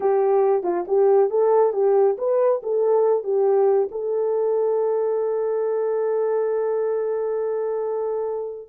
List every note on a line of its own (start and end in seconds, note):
0.00 0.63 G4
0.63 0.85 F4
0.87 1.29 G4
1.29 1.73 A4
1.73 2.16 G4
2.18 2.61 B4
2.62 3.23 A4
3.23 3.88 G4
3.91 8.69 A4